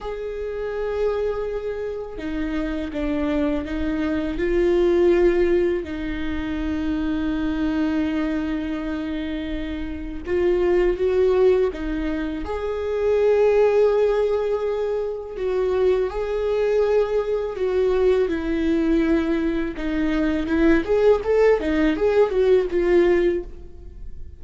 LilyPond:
\new Staff \with { instrumentName = "viola" } { \time 4/4 \tempo 4 = 82 gis'2. dis'4 | d'4 dis'4 f'2 | dis'1~ | dis'2 f'4 fis'4 |
dis'4 gis'2.~ | gis'4 fis'4 gis'2 | fis'4 e'2 dis'4 | e'8 gis'8 a'8 dis'8 gis'8 fis'8 f'4 | }